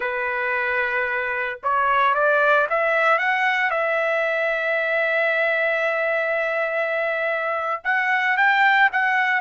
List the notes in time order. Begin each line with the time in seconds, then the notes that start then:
0.00 B4
1.63 C#5
2.14 D5
2.69 E5
3.18 F#5
3.70 E5
7.83 F#5
8.37 G5
8.92 F#5